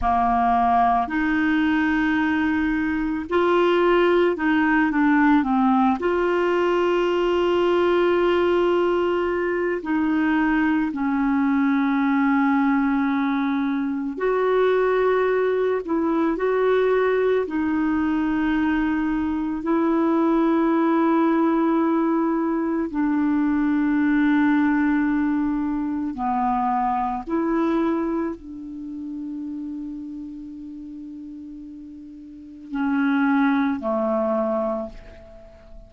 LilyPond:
\new Staff \with { instrumentName = "clarinet" } { \time 4/4 \tempo 4 = 55 ais4 dis'2 f'4 | dis'8 d'8 c'8 f'2~ f'8~ | f'4 dis'4 cis'2~ | cis'4 fis'4. e'8 fis'4 |
dis'2 e'2~ | e'4 d'2. | b4 e'4 d'2~ | d'2 cis'4 a4 | }